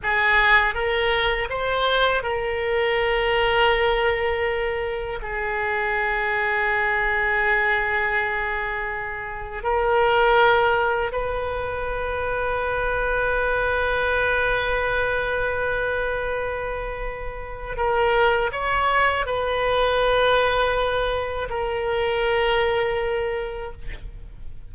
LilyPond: \new Staff \with { instrumentName = "oboe" } { \time 4/4 \tempo 4 = 81 gis'4 ais'4 c''4 ais'4~ | ais'2. gis'4~ | gis'1~ | gis'4 ais'2 b'4~ |
b'1~ | b'1 | ais'4 cis''4 b'2~ | b'4 ais'2. | }